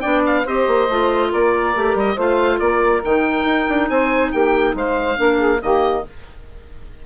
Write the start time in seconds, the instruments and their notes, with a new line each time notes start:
0.00 bassoon B3, clarinet D4, saxophone D5, oboe G5
0.26 oboe F5
0.44 bassoon C4, clarinet G4, saxophone C5, oboe D#5
0.67 bassoon A#3
0.89 bassoon A3, clarinet F4
1.31 bassoon A#3, saxophone A#4, oboe D5
1.75 bassoon A3, clarinet G4
1.95 bassoon G3, oboe D#5
2.15 bassoon A3, clarinet F4, saxophone C5, oboe F5
2.59 bassoon A#3, saxophone A#4, oboe D5
3.03 bassoon D#3, clarinet D#4, oboe G5
3.45 bassoon D#4
3.69 bassoon D4
3.89 bassoon C4, saxophone C5, oboe G#5
4.31 bassoon A#3, saxophone G4, oboe G5
4.75 bassoon G#3, saxophone C5, oboe F5
5.16 bassoon A#3, clarinet D4, saxophone A#4
5.38 saxophone G#4
5.61 bassoon D#3, clarinet A#3, saxophone G4, oboe D#5